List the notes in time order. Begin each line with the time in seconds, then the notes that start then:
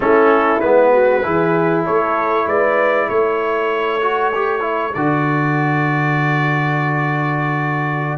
0.00 A3 C#4 E4 A4
0.59 G#3 B3 B4
0.92 F#4
1.22 E3 E4 G#4
1.85 A3 A4 C#5
2.46 G#3 B4 D5
3.08 A3 A4 C#5
4.01 F#4
4.34 G4
4.60 E4
4.94 D3 F#4 D5